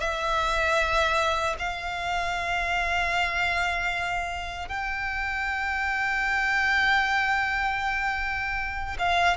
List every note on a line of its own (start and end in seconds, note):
0.00 1.56 E5
1.59 4.68 F5
4.68 8.97 G5
8.99 9.36 F5